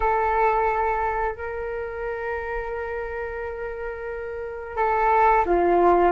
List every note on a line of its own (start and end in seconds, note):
0.00 1.35 A4
1.35 4.76 A#4
4.76 5.44 A4
5.45 6.11 F4